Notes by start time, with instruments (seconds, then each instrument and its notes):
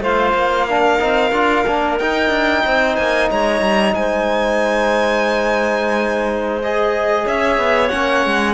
0.00 cello A3, trombone F4, clarinet C5, violin F5
0.34 cello A#3
0.66 trombone D4, clarinet A#4
0.99 cello C4, trombone D#4
1.32 cello D4, trombone F4
1.67 cello A#3, trombone D4
1.98 cello D#4, trombone D#4, violin G5
2.29 cello D4
2.65 cello C4, clarinet C5
2.96 cello A#3, violin G#5
3.31 cello G#3, clarinet C#5, violin A#5
3.61 cello G3
3.95 cello G#3, clarinet C5, violin G#5
6.63 trombone G#4, violin D#5
7.25 cello C#4, clarinet C#5, violin E5
7.58 cello B3
7.88 cello A#3, trombone C#4, violin F#5
8.25 cello G#3